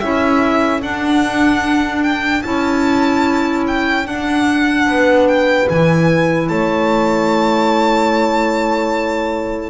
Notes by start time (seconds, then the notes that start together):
0.00 C#4 E4 A4 E5
0.82 D4 F#5
2.03 G5
2.43 C#4 E4 A5
3.67 G5
4.04 D4 F#5
4.86 B3 B4
5.28 G5
5.70 E3 E4 G#5
6.48 A3 C#5 A5